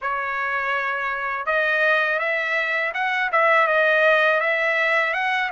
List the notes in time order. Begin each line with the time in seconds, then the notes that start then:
0.01 C#5
1.46 D#5
2.19 E5
2.94 F#5
3.32 E5
3.67 D#5
4.40 E5
5.13 F#5